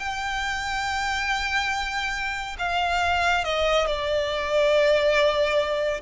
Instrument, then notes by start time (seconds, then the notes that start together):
violin
0.00 G5
2.59 F5
3.45 D#5
3.87 D5